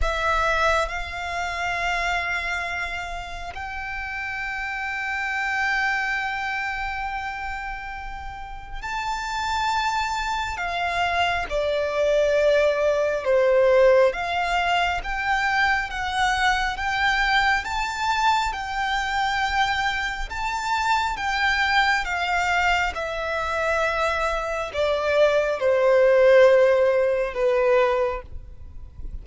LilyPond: \new Staff \with { instrumentName = "violin" } { \time 4/4 \tempo 4 = 68 e''4 f''2. | g''1~ | g''2 a''2 | f''4 d''2 c''4 |
f''4 g''4 fis''4 g''4 | a''4 g''2 a''4 | g''4 f''4 e''2 | d''4 c''2 b'4 | }